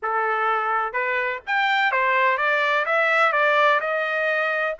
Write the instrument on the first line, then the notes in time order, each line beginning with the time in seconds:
trumpet
0.02 A4
0.93 B4
1.47 G5
1.91 C5
2.37 D5
2.85 E5
3.32 D5
3.80 D#5